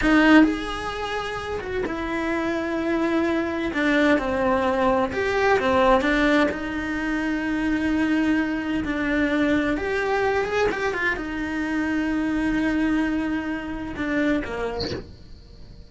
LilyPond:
\new Staff \with { instrumentName = "cello" } { \time 4/4 \tempo 4 = 129 dis'4 gis'2~ gis'8 fis'8 | e'1 | d'4 c'2 g'4 | c'4 d'4 dis'2~ |
dis'2. d'4~ | d'4 g'4. gis'8 g'8 f'8 | dis'1~ | dis'2 d'4 ais4 | }